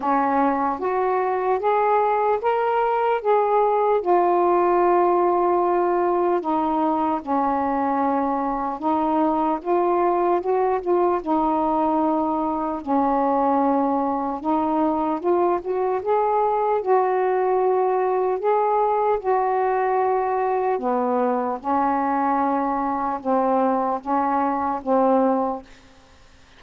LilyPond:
\new Staff \with { instrumentName = "saxophone" } { \time 4/4 \tempo 4 = 75 cis'4 fis'4 gis'4 ais'4 | gis'4 f'2. | dis'4 cis'2 dis'4 | f'4 fis'8 f'8 dis'2 |
cis'2 dis'4 f'8 fis'8 | gis'4 fis'2 gis'4 | fis'2 b4 cis'4~ | cis'4 c'4 cis'4 c'4 | }